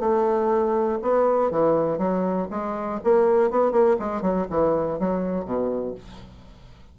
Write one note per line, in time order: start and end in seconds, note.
0.00 0.99 A3
1.02 1.51 B3
1.51 1.98 E3
1.98 2.48 F#3
2.51 3.00 G#3
3.04 3.51 A#3
3.51 3.72 B3
3.72 3.97 A#3
3.99 4.22 G#3
4.22 4.47 F#3
4.50 5.00 E3
5.00 5.45 F#3
5.45 5.95 B2